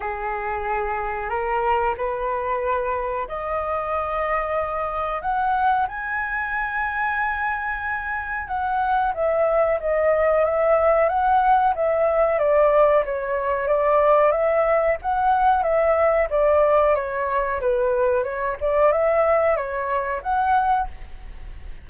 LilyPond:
\new Staff \with { instrumentName = "flute" } { \time 4/4 \tempo 4 = 92 gis'2 ais'4 b'4~ | b'4 dis''2. | fis''4 gis''2.~ | gis''4 fis''4 e''4 dis''4 |
e''4 fis''4 e''4 d''4 | cis''4 d''4 e''4 fis''4 | e''4 d''4 cis''4 b'4 | cis''8 d''8 e''4 cis''4 fis''4 | }